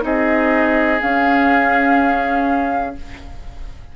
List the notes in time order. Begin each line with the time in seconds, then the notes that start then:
0.00 C4 D#4 G#4 D#5
1.01 C#4 F5